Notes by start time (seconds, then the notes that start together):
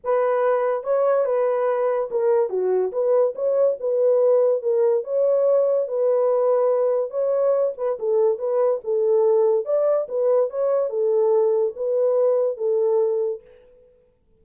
0.03 B4
0.83 C#5
1.25 B4
2.10 A#4
2.49 F#4
2.92 B4
3.35 C#5
3.80 B4
4.62 A#4
5.04 C#5
5.88 B4
7.10 C#5
7.77 B4
7.99 A4
8.38 B4
8.84 A4
9.65 D5
10.08 B4
10.50 C#5
10.89 A4
11.76 B4
12.57 A4